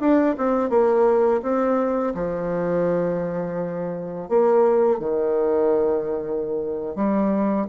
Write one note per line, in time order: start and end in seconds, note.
0.00 0.36 D4
0.38 0.70 C4
0.70 1.41 A#3
1.43 2.14 C4
2.15 4.29 F3
4.29 4.99 A#3
4.99 6.95 D#3
6.95 7.67 G3